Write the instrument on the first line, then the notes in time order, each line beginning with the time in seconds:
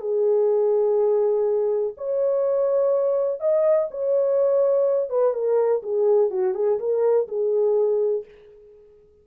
horn
0.00 G#4
1.97 C#5
3.40 D#5
3.90 C#5
5.09 B4
5.33 A#4
5.82 G#4
6.30 F#4
6.54 G#4
6.79 A#4
7.28 G#4